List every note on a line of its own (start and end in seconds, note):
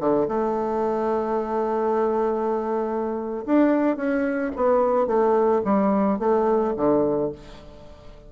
0.00 0.28 D3
0.29 3.45 A3
3.47 3.97 D4
3.97 4.52 C#4
4.56 5.07 B3
5.07 5.62 A3
5.65 6.19 G3
6.19 6.74 A3
6.77 7.32 D3